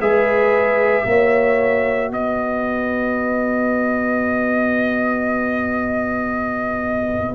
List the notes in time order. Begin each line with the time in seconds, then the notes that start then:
0.00 G#3 G#4 B4 E5
1.04 A#3 F#4 C#5
2.11 B3 B4 D#5